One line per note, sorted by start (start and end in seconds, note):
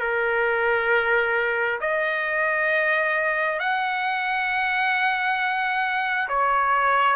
0.00 1.79 A#4
1.80 3.59 D#5
3.59 6.28 F#5
6.28 7.16 C#5